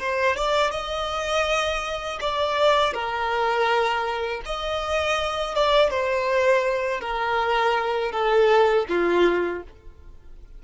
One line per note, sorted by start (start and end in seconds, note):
0.00 0.37 C5
0.37 0.71 D5
0.71 2.20 D#5
2.21 2.94 D5
2.94 4.42 A#4
4.46 5.55 D#5
5.55 5.91 D5
5.91 7.01 C5
7.01 8.12 A#4
8.12 8.86 A4
8.89 9.63 F4